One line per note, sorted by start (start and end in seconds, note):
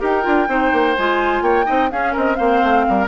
0.00 0.26 D#4
0.00 0.23 G4
0.00 0.48 A#4
0.00 0.97 G5
0.23 0.48 D4
0.23 0.47 F4
0.48 0.72 C4
0.48 0.95 D#4
0.48 1.44 C5
0.73 0.97 A#3
0.97 1.42 G#3
0.97 1.65 F4
0.97 1.43 G#5
1.42 1.66 A#3
1.42 1.66 C#5
1.42 1.91 G5
1.65 1.92 C4
1.65 1.89 D#4
1.65 1.90 D#5
1.91 2.38 C#4
1.91 2.15 C#4
1.91 2.13 G#4
1.91 2.15 F5
2.13 2.40 C4
2.13 2.37 A#4
2.13 2.36 D#5
2.36 2.63 A#3
2.36 3.08 C4
2.36 2.86 C5
2.36 3.07 F5
2.63 2.87 A3
2.89 3.08 G3
2.89 3.08 A#4